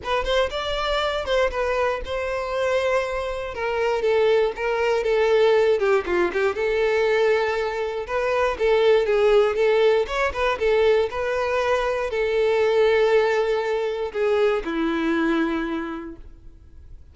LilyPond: \new Staff \with { instrumentName = "violin" } { \time 4/4 \tempo 4 = 119 b'8 c''8 d''4. c''8 b'4 | c''2. ais'4 | a'4 ais'4 a'4. g'8 | f'8 g'8 a'2. |
b'4 a'4 gis'4 a'4 | cis''8 b'8 a'4 b'2 | a'1 | gis'4 e'2. | }